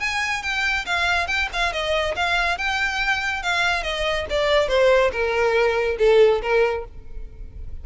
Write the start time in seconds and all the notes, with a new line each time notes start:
0.00 G#5
0.43 G5
0.86 F5
1.27 G5
1.53 F5
1.73 D#5
2.16 F5
2.58 G5
3.43 F5
3.83 D#5
4.30 D5
4.68 C5
5.12 A#4
5.99 A4
6.42 A#4